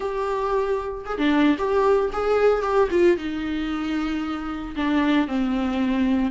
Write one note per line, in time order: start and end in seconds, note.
0.00 1.05 G4
1.05 1.17 G#4
1.17 1.57 D4
1.57 2.10 G4
2.12 2.62 G#4
2.62 2.88 G4
2.91 3.17 F4
3.17 4.75 D#4
4.75 5.27 D4
5.27 6.31 C4